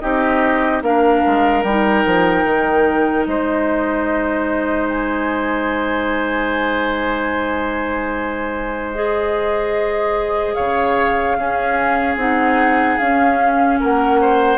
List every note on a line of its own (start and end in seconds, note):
0.00 0.81 C4
0.00 0.82 D#4
0.00 0.83 G4
0.00 0.81 D#5
0.81 1.22 A#3
0.81 1.64 D4
0.81 3.27 A#4
0.81 1.63 F5
1.26 1.63 G#3
1.63 2.04 G3
1.63 8.95 D#4
1.63 3.25 G5
2.05 2.44 F3
2.44 3.25 D#3
3.26 10.56 G#3
3.26 10.55 C5
3.26 4.88 D#5
4.89 8.93 G#5
8.93 11.38 G#4
8.93 10.54 D#5
10.54 11.37 C#3
10.54 11.36 C#5
10.54 12.16 F5
11.37 12.16 C#4
11.37 12.18 C#4
11.37 13.79 G#4
12.16 12.97 C4
12.16 12.99 D#4
12.16 12.97 F#5
12.97 13.81 C#4
12.97 14.57 C#4
12.97 13.78 F5
13.79 14.57 A#3
13.79 14.20 A#4
13.79 14.57 F#5
14.21 14.57 C5